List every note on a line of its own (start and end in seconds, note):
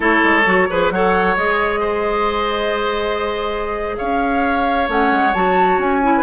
0.00 0.20 A3
0.00 0.43 E4
0.00 0.68 A4
0.00 0.90 C#5
0.23 0.46 G#3
0.45 0.68 F#3
0.45 0.68 F#4
0.70 0.90 F3
0.70 0.92 G#4
0.70 0.92 B4
0.90 1.36 F#3
0.90 1.37 A4
0.90 1.80 C#5
0.90 1.36 F#5
1.36 3.98 G#3
1.36 4.87 G#4
1.36 3.97 D#5
1.80 3.95 C5
3.97 4.88 C#4
3.97 6.13 C#5
3.97 4.88 F5
4.87 5.11 A3
4.87 5.33 C#4
4.87 5.33 F#5
5.11 5.34 G#3
5.33 5.78 F#3
5.33 6.02 F#4
5.33 5.79 A5
5.78 6.23 C#4
5.78 6.23 G#5
6.02 6.23 E4
6.17 6.23 B4